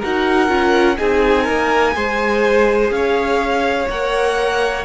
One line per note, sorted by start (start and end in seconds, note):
0.00 0.49 D#4
0.00 0.49 F#4
0.00 0.97 A#4
0.00 0.98 F#5
0.49 0.97 C#4
0.49 0.97 F4
0.97 1.49 C4
0.97 1.94 D#4
0.97 1.44 G#4
0.97 2.92 G#5
1.44 1.96 A#3
1.44 1.92 A#4
1.94 2.91 G#3
1.94 3.87 G#4
1.94 2.93 C5
2.91 3.88 C#4
2.91 4.85 C#5
2.91 3.89 F5
3.90 4.85 A#3
3.90 4.85 A#4
3.90 4.85 F#5